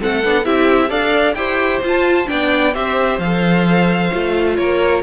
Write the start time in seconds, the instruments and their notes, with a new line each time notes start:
0.00 cello A3, viola C4, violin A4 F#5
0.24 cello B3, viola D4
0.44 cello C4, viola E4, violin G4 E5
0.89 cello D4, viola A4, violin D5 F5
1.35 cello E4, viola G4, violin C5 G5
1.82 cello F4, viola F4, violin A5
2.26 cello B3, viola D4, violin D5 G5
2.74 cello C4, viola G4, violin C5 E5
3.18 cello F3, viola A4, violin F5
4.12 cello A3, viola F4
4.57 cello A#3, violin A#4 C#5